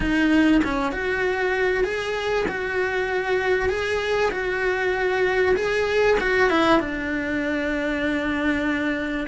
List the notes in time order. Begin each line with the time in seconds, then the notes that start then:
0.00 D#4
0.64 C#4
0.92 F#4
1.84 G#4
2.48 F#4
3.69 G#4
4.31 F#4
5.55 G#4
6.20 F#4
6.50 E4
6.79 D4